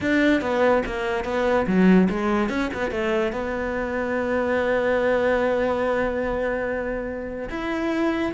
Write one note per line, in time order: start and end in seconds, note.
0.00 0.41 D4
0.41 0.82 B3
0.85 1.24 A#3
1.24 1.66 B3
1.66 2.08 F#3
2.09 2.49 G#3
2.49 2.70 C#4
2.73 2.90 B3
2.90 3.32 A3
3.32 7.49 B3
7.49 8.32 E4